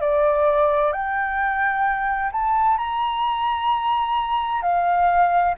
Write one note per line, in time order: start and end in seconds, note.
0.00 0.92 D5
0.92 2.30 G5
2.32 2.77 A5
2.77 4.62 A#5
4.62 5.54 F5